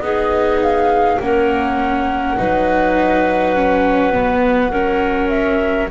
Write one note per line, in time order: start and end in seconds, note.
0.00 1.18 B3
0.00 1.19 D#4
0.00 1.20 G#4
0.00 0.59 D#5
0.62 1.19 F5
1.19 2.37 A#3
1.19 2.38 C#4
1.19 2.37 A#4
1.19 5.29 F#5
2.37 5.90 F#3
2.37 3.55 D#4
2.37 4.71 B4
3.55 4.12 C#4
4.12 4.71 B3
4.71 5.89 C#4
4.71 5.89 A#4
5.29 5.88 E5